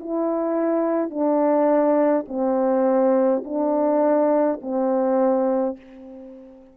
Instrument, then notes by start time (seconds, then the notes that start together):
horn
0.00 E4
1.10 D4
2.28 C4
3.45 D4
4.62 C4